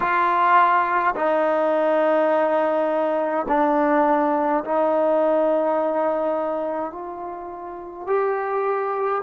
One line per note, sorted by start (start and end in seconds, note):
0.00 1.14 F4
1.15 3.46 D#4
3.48 4.64 D4
4.64 6.91 D#4
6.91 8.06 F4
8.06 9.22 G4